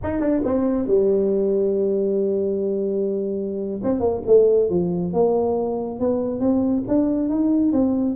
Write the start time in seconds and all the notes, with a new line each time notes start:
0.03 D#4
0.20 D4
0.44 C4
0.87 G3
3.83 C4
3.99 A#3
4.26 A3
4.69 F3
5.13 A#3
5.99 B3
6.40 C4
6.88 D4
7.29 D#4
7.72 C4